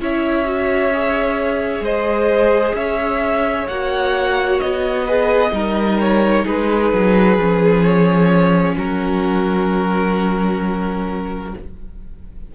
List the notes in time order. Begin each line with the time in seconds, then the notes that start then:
0.00 C#4 E4 C#5 E5
0.45 F#4
0.92 G#4
1.80 G#3 C5 D#5
2.74 C#4 C#5 E5
3.67 A#3 F#4 F#5
4.60 B3 D#5
5.04 G#4 B4
5.52 G3 D#4 A#4
6.00 C#5
6.44 G#3 G#4 B4
6.92 F#3
7.37 F3 C#4
7.83 C#5
8.76 F#3 F#4 A#4